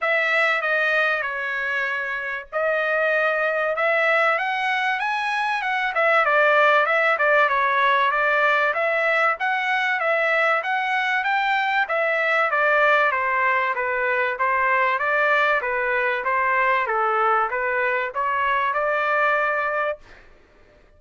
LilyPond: \new Staff \with { instrumentName = "trumpet" } { \time 4/4 \tempo 4 = 96 e''4 dis''4 cis''2 | dis''2 e''4 fis''4 | gis''4 fis''8 e''8 d''4 e''8 d''8 | cis''4 d''4 e''4 fis''4 |
e''4 fis''4 g''4 e''4 | d''4 c''4 b'4 c''4 | d''4 b'4 c''4 a'4 | b'4 cis''4 d''2 | }